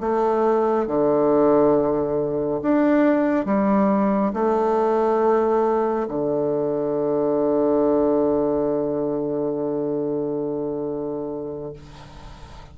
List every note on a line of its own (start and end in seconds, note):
0.00 0.87 A3
0.87 2.61 D3
2.62 3.45 D4
3.45 4.32 G3
4.33 6.07 A3
6.08 11.74 D3